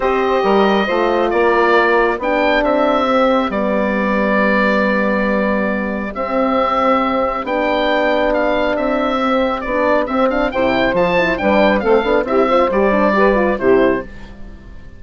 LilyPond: <<
  \new Staff \with { instrumentName = "oboe" } { \time 4/4 \tempo 4 = 137 dis''2. d''4~ | d''4 g''4 e''2 | d''1~ | d''2 e''2~ |
e''4 g''2 f''4 | e''2 d''4 e''8 f''8 | g''4 a''4 g''4 f''4 | e''4 d''2 c''4 | }
  \new Staff \with { instrumentName = "saxophone" } { \time 4/4 c''4 ais'4 c''4 ais'4~ | ais'4 g'2.~ | g'1~ | g'1~ |
g'1~ | g'1 | c''2 b'4 a'4 | g'8 c''4. b'4 g'4 | }
  \new Staff \with { instrumentName = "horn" } { \time 4/4 g'2 f'2~ | f'4 d'2 c'4 | b1~ | b2 c'2~ |
c'4 d'2.~ | d'4 c'4 d'4 c'8 d'8 | e'4 f'8 e'8 d'4 c'8 d'8 | e'8 f'8 g'8 d'8 g'8 f'8 e'4 | }
  \new Staff \with { instrumentName = "bassoon" } { \time 4/4 c'4 g4 a4 ais4~ | ais4 b4 c'2 | g1~ | g2 c'2~ |
c'4 b2. | c'2 b4 c'4 | c4 f4 g4 a8 b8 | c'4 g2 c4 | }
>>